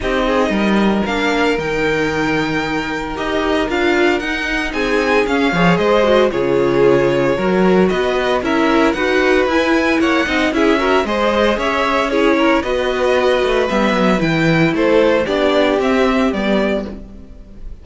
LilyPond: <<
  \new Staff \with { instrumentName = "violin" } { \time 4/4 \tempo 4 = 114 dis''2 f''4 g''4~ | g''2 dis''4 f''4 | fis''4 gis''4 f''4 dis''4 | cis''2. dis''4 |
e''4 fis''4 gis''4 fis''4 | e''4 dis''4 e''4 cis''4 | dis''2 e''4 g''4 | c''4 d''4 e''4 d''4 | }
  \new Staff \with { instrumentName = "violin" } { \time 4/4 g'8 gis'8 ais'2.~ | ais'1~ | ais'4 gis'4. cis''8 c''4 | gis'2 ais'4 b'4 |
ais'4 b'2 cis''8 dis''8 | gis'8 ais'8 c''4 cis''4 gis'8 ais'8 | b'1 | a'4 g'2. | }
  \new Staff \with { instrumentName = "viola" } { \time 4/4 dis'2 d'4 dis'4~ | dis'2 g'4 f'4 | dis'2 cis'8 gis'4 fis'8 | f'2 fis'2 |
e'4 fis'4 e'4. dis'8 | e'8 fis'8 gis'2 e'4 | fis'2 b4 e'4~ | e'4 d'4 c'4 b4 | }
  \new Staff \with { instrumentName = "cello" } { \time 4/4 c'4 g4 ais4 dis4~ | dis2 dis'4 d'4 | dis'4 c'4 cis'8 f8 gis4 | cis2 fis4 b4 |
cis'4 dis'4 e'4 ais8 c'8 | cis'4 gis4 cis'2 | b4. a8 g8 fis8 e4 | a4 b4 c'4 g4 | }
>>